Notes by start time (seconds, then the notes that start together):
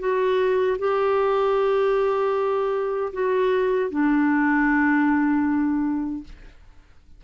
0.00 F#4
0.79 G4
3.13 F#4
3.91 D4